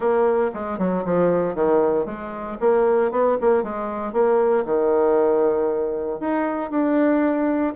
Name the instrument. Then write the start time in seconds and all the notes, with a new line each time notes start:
bassoon
0.00 A#3
0.54 G#3
0.78 F#3
1.04 F3
1.54 D#3
2.05 G#3
2.60 A#3
3.11 B3
3.40 A#3
3.63 G#3
4.12 A#3
4.65 D#3
6.20 D#4
6.70 D4